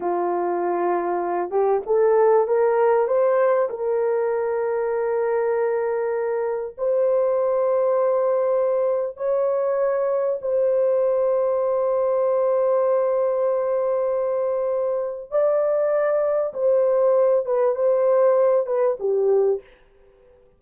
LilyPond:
\new Staff \with { instrumentName = "horn" } { \time 4/4 \tempo 4 = 98 f'2~ f'8 g'8 a'4 | ais'4 c''4 ais'2~ | ais'2. c''4~ | c''2. cis''4~ |
cis''4 c''2.~ | c''1~ | c''4 d''2 c''4~ | c''8 b'8 c''4. b'8 g'4 | }